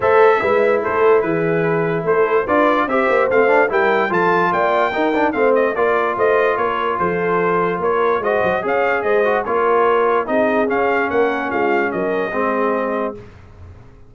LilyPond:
<<
  \new Staff \with { instrumentName = "trumpet" } { \time 4/4 \tempo 4 = 146 e''2 c''4 b'4~ | b'4 c''4 d''4 e''4 | f''4 g''4 a''4 g''4~ | g''4 f''8 dis''8 d''4 dis''4 |
cis''4 c''2 cis''4 | dis''4 f''4 dis''4 cis''4~ | cis''4 dis''4 f''4 fis''4 | f''4 dis''2. | }
  \new Staff \with { instrumentName = "horn" } { \time 4/4 c''4 b'4 a'4 gis'4~ | gis'4 a'4 b'4 c''4~ | c''4 ais'4 a'4 d''4 | ais'4 c''4 ais'4 c''4 |
ais'4 a'2 ais'4 | c''4 cis''4 c''4 ais'4~ | ais'4 gis'2 ais'4 | f'4 ais'4 gis'2 | }
  \new Staff \with { instrumentName = "trombone" } { \time 4/4 a'4 e'2.~ | e'2 f'4 g'4 | c'8 d'8 e'4 f'2 | dis'8 d'8 c'4 f'2~ |
f'1 | fis'4 gis'4. fis'8 f'4~ | f'4 dis'4 cis'2~ | cis'2 c'2 | }
  \new Staff \with { instrumentName = "tuba" } { \time 4/4 a4 gis4 a4 e4~ | e4 a4 d'4 c'8 ais8 | a4 g4 f4 ais4 | dis'4 a4 ais4 a4 |
ais4 f2 ais4 | gis8 fis8 cis'4 gis4 ais4~ | ais4 c'4 cis'4 ais4 | gis4 fis4 gis2 | }
>>